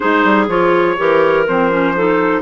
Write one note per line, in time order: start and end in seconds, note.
0.00 0.24 G#3
0.00 0.47 D#4
0.00 0.97 G#4
0.00 0.47 C5
0.24 0.48 G3
0.48 0.96 F3
0.48 0.97 F4
0.48 1.47 C#5
0.97 1.47 E3
0.97 1.46 G4
0.97 1.95 A#4
1.47 2.42 F3
1.47 1.70 C4
1.47 2.42 C5
1.70 1.95 C#4
1.95 2.42 D#4
1.95 2.42 A4